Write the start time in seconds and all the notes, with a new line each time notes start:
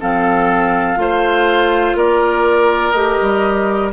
0.00 F3 C4 A4 F5
0.96 A3 F4 C5
1.94 A#3 A#4 D5
2.91 A3 G4 D#5
3.21 G3